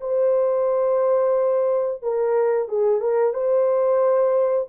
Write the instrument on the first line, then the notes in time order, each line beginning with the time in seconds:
horn
0.00 C5
2.02 A#4
2.68 G#4
3.01 A#4
3.33 C5